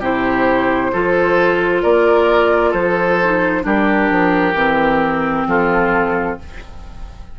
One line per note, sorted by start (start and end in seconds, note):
0.00 0.91 C3
0.00 0.93 E4
0.00 0.91 G4
0.00 1.83 C5
0.93 1.84 F3
0.93 3.20 F4
0.93 1.83 A4
1.83 2.73 A#3
1.83 2.70 A#4
1.83 2.73 D5
2.70 3.64 F3
2.70 3.61 A4
2.70 3.65 C5
3.24 3.63 D#4
3.63 4.10 G3
3.63 4.54 D4
3.63 5.48 G4
3.63 5.48 A#4
4.10 4.54 F3
4.54 5.45 E3
4.54 6.38 C4
5.47 6.38 F3
5.47 6.40 F4
5.47 6.39 A4